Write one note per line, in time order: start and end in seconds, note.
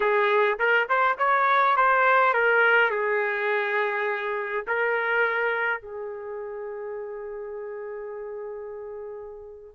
0.00 0.58 G#4
0.59 0.88 A#4
0.88 1.17 C5
1.18 1.76 C#5
1.76 2.33 C5
2.33 2.90 A#4
2.90 4.65 G#4
4.67 5.81 A#4
5.81 9.74 G#4